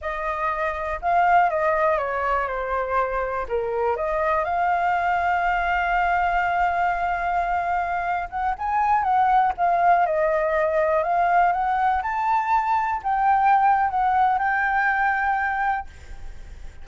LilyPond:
\new Staff \with { instrumentName = "flute" } { \time 4/4 \tempo 4 = 121 dis''2 f''4 dis''4 | cis''4 c''2 ais'4 | dis''4 f''2.~ | f''1~ |
f''8. fis''8 gis''4 fis''4 f''8.~ | f''16 dis''2 f''4 fis''8.~ | fis''16 a''2 g''4.~ g''16 | fis''4 g''2. | }